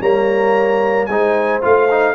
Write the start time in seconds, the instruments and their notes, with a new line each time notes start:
0.00 tuba G3, trombone A#3, horn C#5, trumpet A#5
1.06 tuba G#3, trombone D#4, horn C5, trumpet G#5
1.61 tuba A3, trombone F4, trumpet F5
1.90 trombone D#4